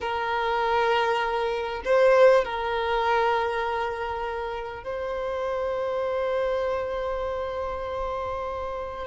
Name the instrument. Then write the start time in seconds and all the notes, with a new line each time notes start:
violin
0.00 A#4
1.85 C5
2.44 A#4
4.83 C5